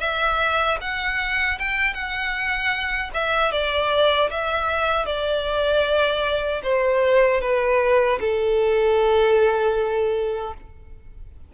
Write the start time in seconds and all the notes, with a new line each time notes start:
0.00 E5
0.81 F#5
1.59 G5
1.94 F#5
3.14 E5
3.52 D5
4.30 E5
5.06 D5
6.63 C5
7.41 B4
8.20 A4